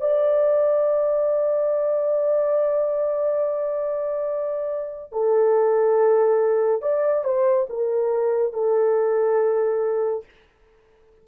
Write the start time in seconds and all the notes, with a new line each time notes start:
0.00 D5
5.12 A4
6.81 D5
7.24 C5
7.69 A#4
8.53 A4